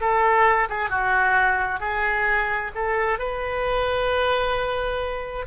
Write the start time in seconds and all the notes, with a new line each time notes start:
0.00 A4
0.69 G#4
0.89 F#4
1.80 G#4
2.75 A4
3.19 B4